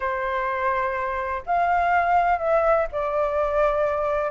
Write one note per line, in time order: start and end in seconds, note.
0.00 1.42 C5
1.46 2.39 F5
2.39 2.87 E5
2.91 4.31 D5